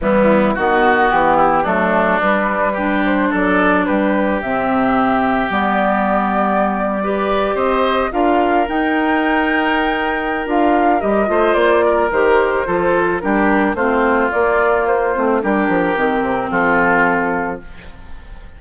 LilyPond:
<<
  \new Staff \with { instrumentName = "flute" } { \time 4/4 \tempo 4 = 109 e'4 fis'4 g'4 a'4 | b'4. c''8 d''4 b'4 | e''2 d''2~ | d''4.~ d''16 dis''4 f''4 g''16~ |
g''2. f''4 | dis''4 d''4 c''2 | ais'4 c''4 d''4 c''4 | ais'2 a'2 | }
  \new Staff \with { instrumentName = "oboe" } { \time 4/4 b4 fis'4. e'8 d'4~ | d'4 g'4 a'4 g'4~ | g'1~ | g'8. b'4 c''4 ais'4~ ais'16~ |
ais'1~ | ais'8 c''4 ais'4. a'4 | g'4 f'2. | g'2 f'2 | }
  \new Staff \with { instrumentName = "clarinet" } { \time 4/4 g4 b2 a4 | g4 d'2. | c'2 b2~ | b8. g'2 f'4 dis'16~ |
dis'2. f'4 | g'8 f'4. g'4 f'4 | d'4 c'4 ais4. c'8 | d'4 c'2. | }
  \new Staff \with { instrumentName = "bassoon" } { \time 4/4 e4 dis4 e4 fis4 | g2 fis4 g4 | c2 g2~ | g4.~ g16 c'4 d'4 dis'16~ |
dis'2. d'4 | g8 a8 ais4 dis4 f4 | g4 a4 ais4. a8 | g8 f8 dis8 c8 f2 | }
>>